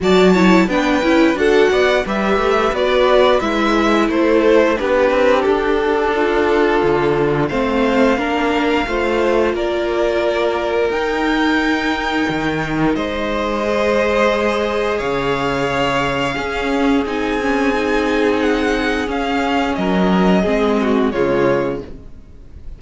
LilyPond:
<<
  \new Staff \with { instrumentName = "violin" } { \time 4/4 \tempo 4 = 88 a''4 g''4 fis''4 e''4 | d''4 e''4 c''4 b'4 | a'2. f''4~ | f''2 d''2 |
g''2. dis''4~ | dis''2 f''2~ | f''4 gis''2 fis''4 | f''4 dis''2 cis''4 | }
  \new Staff \with { instrumentName = "violin" } { \time 4/4 d''8 cis''8 b'4 a'8 d''8 b'4~ | b'2 a'4 g'4~ | g'4 f'2 c''4 | ais'4 c''4 ais'2~ |
ais'2. c''4~ | c''2 cis''2 | gis'1~ | gis'4 ais'4 gis'8 fis'8 f'4 | }
  \new Staff \with { instrumentName = "viola" } { \time 4/4 fis'8 e'8 d'8 e'8 fis'4 g'4 | fis'4 e'2 d'4~ | d'2. c'4 | d'4 f'2. |
dis'1 | gis'1 | cis'4 dis'8 cis'8 dis'2 | cis'2 c'4 gis4 | }
  \new Staff \with { instrumentName = "cello" } { \time 4/4 fis4 b8 cis'8 d'8 b8 g8 a8 | b4 gis4 a4 b8 c'8 | d'2 d4 a4 | ais4 a4 ais2 |
dis'2 dis4 gis4~ | gis2 cis2 | cis'4 c'2. | cis'4 fis4 gis4 cis4 | }
>>